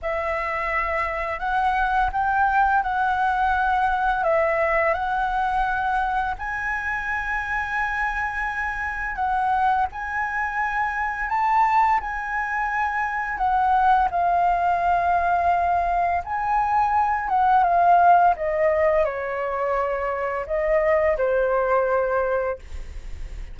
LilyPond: \new Staff \with { instrumentName = "flute" } { \time 4/4 \tempo 4 = 85 e''2 fis''4 g''4 | fis''2 e''4 fis''4~ | fis''4 gis''2.~ | gis''4 fis''4 gis''2 |
a''4 gis''2 fis''4 | f''2. gis''4~ | gis''8 fis''8 f''4 dis''4 cis''4~ | cis''4 dis''4 c''2 | }